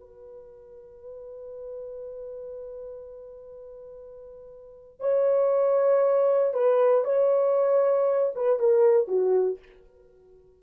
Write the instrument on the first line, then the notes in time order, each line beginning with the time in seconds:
horn
0.00 B4
5.00 C#5
6.54 B4
7.04 C#5
8.35 B4
8.59 A#4
9.08 F#4